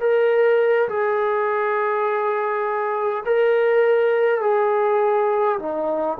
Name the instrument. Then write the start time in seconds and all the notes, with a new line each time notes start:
trombone
0.00 A#4
0.88 G#4
3.25 A#4
4.41 G#4
5.59 D#4